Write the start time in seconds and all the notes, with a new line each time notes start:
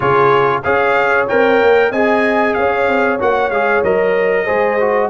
0.00 C#3 F4 G#4 C#5
0.63 C#4 G#4 C#5 F5
1.28 C4 A#4 G5
1.61 A#3
1.90 C4 G#4 D#5 G#5
2.53 C#4 C#5 F5
2.87 C4
3.19 A#3 F#4 F#5
3.50 G#3 G#4 F5
3.83 F#3 A#4 D#5
4.44 G#3 G#4 C5
4.80 F#4